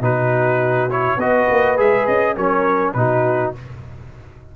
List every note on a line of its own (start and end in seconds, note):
0.00 1.16 B2
0.00 0.89 D#4
0.00 1.18 F#4
0.00 0.90 B4
0.89 1.19 E4
0.89 1.19 C#5
1.16 1.46 B3
1.16 1.77 F#4
1.16 2.35 B4
1.16 1.79 D#5
1.50 1.79 A#3
1.77 2.07 G#3
1.77 2.35 G#4
1.77 2.06 E5
2.06 2.36 C#4
2.06 2.35 D#5
2.35 2.94 F#3
2.35 2.96 C#4
2.35 2.94 A#4
2.35 2.93 C#5
2.93 3.53 B2
2.93 3.54 D#4
2.93 3.55 F#4
2.93 3.52 B4